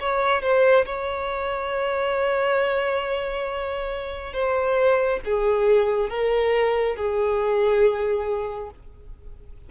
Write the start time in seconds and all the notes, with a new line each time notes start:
0.00 C#5
0.42 C5
0.85 C#5
4.33 C5
5.25 G#4
6.09 A#4
6.96 G#4